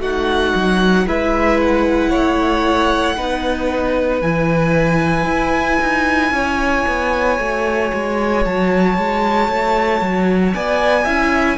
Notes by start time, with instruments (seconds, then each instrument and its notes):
0.00 cello A3, viola D#4, violin F#4 F#5
0.55 cello F#3
1.07 cello G#3, viola E4, violin B4 E5
1.62 violin F#5
2.10 cello A3, violin C#5
3.17 cello B3, viola D#4, violin B4
4.22 cello E3, viola E4, violin G#5
5.25 cello E4
5.81 cello D#4
6.31 cello C#4, violin C#5
6.87 cello B3
7.38 cello A3, viola F#4
7.94 cello G#3
8.45 cello F#3, violin A5
8.98 cello G#3
9.49 cello A3
10.01 cello F#3
10.54 cello B3, violin D5 G#5
11.04 cello C#4, viola E4, violin E5